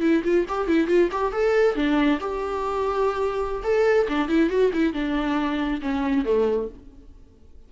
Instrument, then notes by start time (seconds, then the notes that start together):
viola
0.00 E4
0.23 F4
0.48 G4
0.67 E4
0.87 F4
1.11 G4
1.32 A4
1.75 D4
2.20 G4
3.63 A4
4.08 D4
4.28 E4
4.49 F#4
4.73 E4
4.93 D4
5.81 C#4
6.24 A3